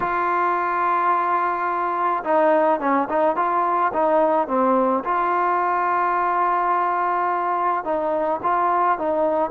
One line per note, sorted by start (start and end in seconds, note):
0.00 2.23 F4
2.24 2.80 D#4
2.80 3.08 C#4
3.09 3.35 D#4
3.35 3.92 F4
3.93 4.47 D#4
4.47 5.03 C4
5.04 7.84 F4
7.84 8.40 D#4
8.43 8.98 F4
8.98 9.50 D#4